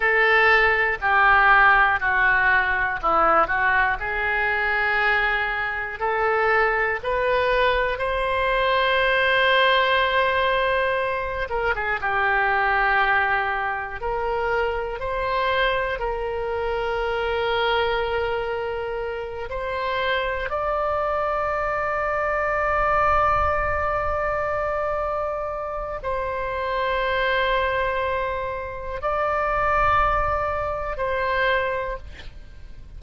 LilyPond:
\new Staff \with { instrumentName = "oboe" } { \time 4/4 \tempo 4 = 60 a'4 g'4 fis'4 e'8 fis'8 | gis'2 a'4 b'4 | c''2.~ c''8 ais'16 gis'16 | g'2 ais'4 c''4 |
ais'2.~ ais'8 c''8~ | c''8 d''2.~ d''8~ | d''2 c''2~ | c''4 d''2 c''4 | }